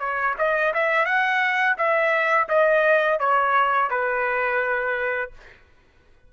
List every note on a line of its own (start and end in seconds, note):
0.00 0.35 C#5
0.39 0.74 D#5
0.74 1.06 E5
1.06 1.76 F#5
1.78 2.49 E5
2.49 3.20 D#5
3.20 3.90 C#5
3.91 5.32 B4